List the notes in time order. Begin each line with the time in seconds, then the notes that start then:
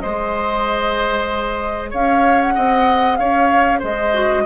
0.00 G#3 G#4 C5 D#5
1.90 C#4 C#5 F5
2.41 F#5
2.55 C4 D#5
3.16 C#4 C#5 F5
3.79 G#3 C5 D#5
4.13 F#4